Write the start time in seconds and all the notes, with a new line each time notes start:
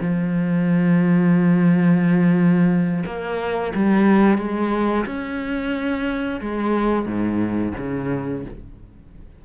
0.00 F3
3.05 A#3
3.74 G3
4.38 G#3
5.06 C#4
6.40 G#3
7.05 G#2
7.77 C#3